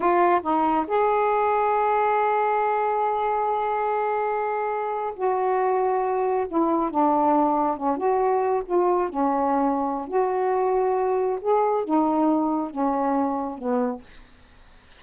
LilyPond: \new Staff \with { instrumentName = "saxophone" } { \time 4/4 \tempo 4 = 137 f'4 dis'4 gis'2~ | gis'1~ | gis'2.~ gis'8. fis'16~ | fis'2~ fis'8. e'4 d'16~ |
d'4.~ d'16 cis'8 fis'4. f'16~ | f'8. cis'2~ cis'16 fis'4~ | fis'2 gis'4 dis'4~ | dis'4 cis'2 b4 | }